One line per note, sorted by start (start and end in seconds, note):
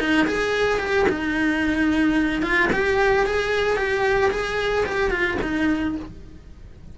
0.00 0.27 D#4
0.28 0.80 G#4
0.80 1.07 G4
1.10 2.43 D#4
2.43 2.70 F4
2.73 3.27 G4
3.27 3.77 G#4
3.77 4.31 G4
4.31 4.86 G#4
4.86 5.11 G4
5.11 5.38 F4
5.42 5.96 D#4